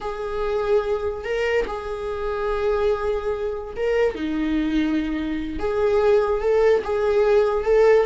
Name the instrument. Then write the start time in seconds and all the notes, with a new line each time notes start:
viola
0.00 G#4
1.24 A#4
1.67 G#4
3.76 A#4
4.14 D#4
5.59 G#4
6.41 A4
6.84 G#4
7.64 A4